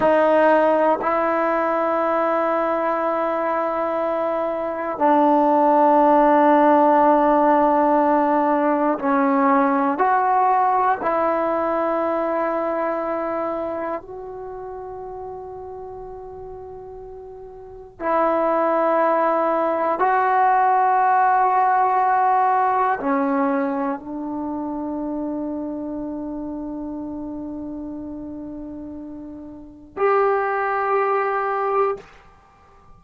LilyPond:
\new Staff \with { instrumentName = "trombone" } { \time 4/4 \tempo 4 = 60 dis'4 e'2.~ | e'4 d'2.~ | d'4 cis'4 fis'4 e'4~ | e'2 fis'2~ |
fis'2 e'2 | fis'2. cis'4 | d'1~ | d'2 g'2 | }